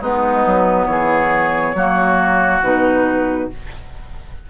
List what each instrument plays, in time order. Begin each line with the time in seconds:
0.00 bassoon G#3, clarinet B3, oboe D#4, flute B4
0.45 bassoon F#3
0.85 bassoon E3, oboe G#4, flute C#5
1.74 bassoon F#3, clarinet A#3, oboe F#4
2.62 bassoon B2, clarinet D#4, flute B4